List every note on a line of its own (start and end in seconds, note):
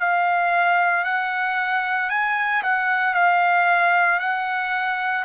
0.00 1.04 F5
1.04 2.10 F#5
2.10 2.62 G#5
2.63 3.14 F#5
3.14 4.20 F5
4.20 5.25 F#5